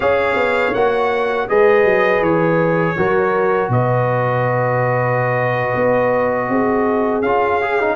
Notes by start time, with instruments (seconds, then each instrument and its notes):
0.00 tuba C#4, trombone G#4, horn C#5, trumpet F5
0.35 tuba B3
0.73 tuba A#3, trombone F#4, trumpet F#5
1.48 tuba G#3, trombone G#4, horn B4, trumpet D#5
1.84 tuba F#3
2.21 tuba E3, trumpet C#5
2.96 tuba F#3, trombone F#4, horn A#4
3.68 tuba B2, horn B4, trumpet D#5
5.75 tuba B3
6.48 tuba C4, horn G#4
7.21 tuba C#4, trombone F4, trumpet F5
7.61 trombone G#4
7.80 trombone D#4